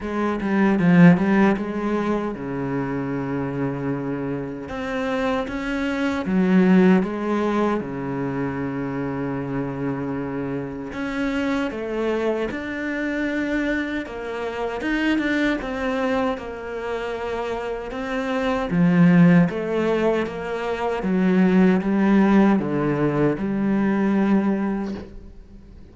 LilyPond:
\new Staff \with { instrumentName = "cello" } { \time 4/4 \tempo 4 = 77 gis8 g8 f8 g8 gis4 cis4~ | cis2 c'4 cis'4 | fis4 gis4 cis2~ | cis2 cis'4 a4 |
d'2 ais4 dis'8 d'8 | c'4 ais2 c'4 | f4 a4 ais4 fis4 | g4 d4 g2 | }